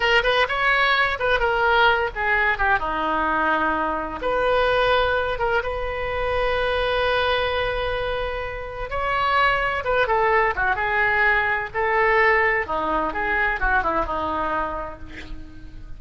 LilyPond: \new Staff \with { instrumentName = "oboe" } { \time 4/4 \tempo 4 = 128 ais'8 b'8 cis''4. b'8 ais'4~ | ais'8 gis'4 g'8 dis'2~ | dis'4 b'2~ b'8 ais'8 | b'1~ |
b'2. cis''4~ | cis''4 b'8 a'4 fis'8 gis'4~ | gis'4 a'2 dis'4 | gis'4 fis'8 e'8 dis'2 | }